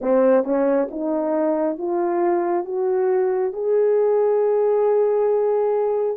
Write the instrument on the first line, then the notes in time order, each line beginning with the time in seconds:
horn
0.01 C4
0.44 C#4
0.91 D#4
1.78 F4
2.65 F#4
3.53 G#4